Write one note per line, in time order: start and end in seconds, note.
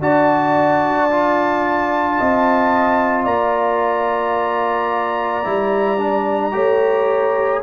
0.00 2.18 D4
0.00 1.10 F#4
0.00 2.18 D5
0.00 3.25 A5
1.11 5.45 F4
2.18 3.26 C4
2.18 3.25 D#5
3.25 5.44 A#3
3.25 6.52 D5
3.25 7.62 A#5
5.45 6.54 G3
5.45 5.98 E4
5.98 6.52 D4
6.52 7.63 A3
6.52 7.61 G4
6.52 7.63 C#5